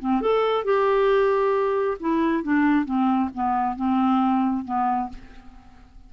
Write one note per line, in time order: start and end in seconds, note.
0.00 0.22 C4
0.22 0.65 A4
0.65 1.98 G4
2.01 2.44 E4
2.44 2.85 D4
2.85 3.30 C4
3.35 3.76 B3
3.76 4.65 C4
4.65 5.10 B3